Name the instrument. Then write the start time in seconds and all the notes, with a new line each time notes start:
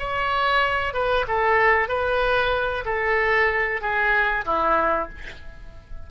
oboe
0.00 C#5
0.94 B4
1.28 A4
1.89 B4
2.86 A4
3.82 G#4
4.46 E4